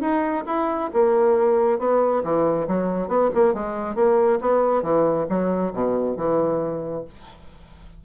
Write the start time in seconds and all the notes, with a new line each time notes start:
0.00 D#4
0.46 E4
0.93 A#3
1.79 B3
2.23 E3
2.67 F#3
3.08 B3
3.34 A#3
3.54 G#3
3.95 A#3
4.40 B3
4.82 E3
5.29 F#3
5.73 B2
6.17 E3